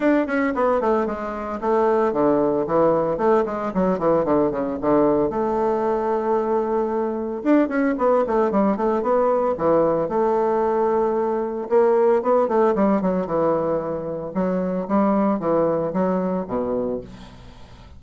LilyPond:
\new Staff \with { instrumentName = "bassoon" } { \time 4/4 \tempo 4 = 113 d'8 cis'8 b8 a8 gis4 a4 | d4 e4 a8 gis8 fis8 e8 | d8 cis8 d4 a2~ | a2 d'8 cis'8 b8 a8 |
g8 a8 b4 e4 a4~ | a2 ais4 b8 a8 | g8 fis8 e2 fis4 | g4 e4 fis4 b,4 | }